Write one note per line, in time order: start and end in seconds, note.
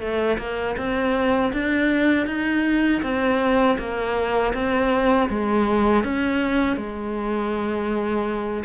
0.00 0.38 A3
0.38 0.76 A#3
0.77 1.52 C4
1.53 2.26 D4
2.26 3.01 D#4
3.02 3.77 C4
3.78 4.53 A#3
4.54 5.29 C4
5.29 6.04 G#3
6.04 6.76 C#4
6.76 8.64 G#3